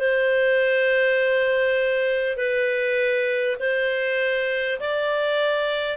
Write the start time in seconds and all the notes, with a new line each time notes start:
0.00 C5
2.37 B4
3.60 C5
4.81 D5